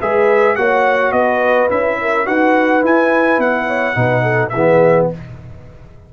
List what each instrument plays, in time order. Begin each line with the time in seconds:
0.00 tuba G#3, trombone G#4, horn B4, trumpet E5
0.56 tuba A#3, trombone F#4, horn C#5, trumpet F#5
1.12 tuba B3, horn B4, trumpet D#5
1.69 tuba C#4, trombone E4, trumpet E5
2.01 horn A#4
2.26 tuba D#4, trombone F#4, horn B4, trumpet F#5
2.82 trombone E4, tuba E4, trumpet G#5
3.38 tuba B3, trumpet F#5
3.67 horn C#5
3.94 tuba B2, trombone D#4, horn B4
4.23 horn A4
4.49 tuba E3, horn G#4, trumpet E5
4.56 trombone B3